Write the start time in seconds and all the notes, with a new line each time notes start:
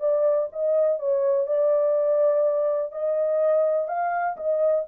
0.00 D5
0.52 D#5
0.99 C#5
1.46 D5
2.92 D#5
3.88 F5
4.37 D#5